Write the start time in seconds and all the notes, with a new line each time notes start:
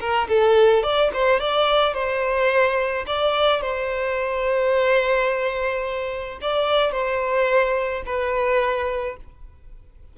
0.00 A#4
0.29 A4
0.83 D5
1.13 C5
1.40 D5
1.94 C5
3.06 D5
3.61 C5
6.41 D5
6.92 C5
8.05 B4